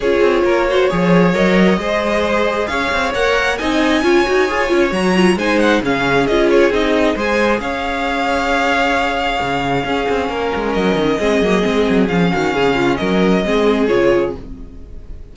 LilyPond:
<<
  \new Staff \with { instrumentName = "violin" } { \time 4/4 \tempo 4 = 134 cis''2. dis''4~ | dis''2 f''4 fis''4 | gis''2. ais''4 | gis''8 fis''8 f''4 dis''8 cis''8 dis''4 |
gis''4 f''2.~ | f''1 | dis''2. f''4~ | f''4 dis''2 cis''4 | }
  \new Staff \with { instrumentName = "violin" } { \time 4/4 gis'4 ais'8 c''8 cis''2 | c''2 cis''2 | dis''4 cis''2. | c''4 gis'2. |
c''4 cis''2.~ | cis''2 gis'4 ais'4~ | ais'4 gis'2~ gis'8 fis'8 | gis'8 f'8 ais'4 gis'2 | }
  \new Staff \with { instrumentName = "viola" } { \time 4/4 f'4. fis'8 gis'4 ais'4 | gis'2. ais'4 | dis'4 f'8 fis'8 gis'8 f'8 fis'8 f'8 | dis'4 cis'4 f'4 dis'4 |
gis'1~ | gis'2 cis'2~ | cis'4 c'8 ais8 c'4 cis'4~ | cis'2 c'4 f'4 | }
  \new Staff \with { instrumentName = "cello" } { \time 4/4 cis'8 c'8 ais4 f4 fis4 | gis2 cis'8 c'8 ais4 | c'4 cis'8 dis'8 f'8 cis'8 fis4 | gis4 cis4 cis'4 c'4 |
gis4 cis'2.~ | cis'4 cis4 cis'8 c'8 ais8 gis8 | fis8 dis8 gis8 fis8 gis8 fis8 f8 dis8 | cis4 fis4 gis4 cis4 | }
>>